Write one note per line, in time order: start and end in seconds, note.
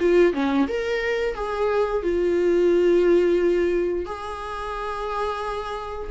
0.00 0.33 F4
0.33 0.68 C#4
0.68 1.35 A#4
1.35 2.03 G#4
2.03 4.06 F4
4.06 6.10 G#4